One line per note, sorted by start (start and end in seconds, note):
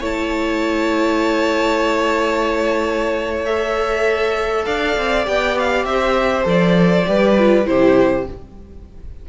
0.00 4.65 A3
0.00 3.46 E4
0.00 4.65 C#5
0.00 3.45 A5
3.45 5.25 A4
3.45 4.65 E5
4.65 4.96 D4
4.65 5.86 D5
4.65 5.25 F5
4.97 5.27 C4
5.25 5.84 B3
5.25 6.44 G4
5.25 5.58 G5
5.58 5.85 F5
5.84 6.44 C4
5.84 7.08 C5
5.84 6.45 E5
6.44 7.05 F3
6.44 7.04 A4
6.44 7.66 D5
7.07 7.67 G3
7.07 7.37 G4
7.07 7.69 B4
7.38 7.65 F4
7.65 8.28 C3
7.65 8.25 E4
7.65 8.29 G4
7.65 8.26 C5